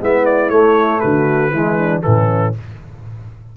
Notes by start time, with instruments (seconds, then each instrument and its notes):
0.00 tuba G#3, trombone B3, horn E4, trumpet E5
0.26 trumpet D5
0.49 tuba A3, trombone A3, trumpet C#5
1.00 tuba D3, horn F#4, trumpet B4
1.52 tuba E3, trombone G#3, horn E4
1.78 horn D4
2.01 tuba A2, trombone E3, horn C#4, trumpet A4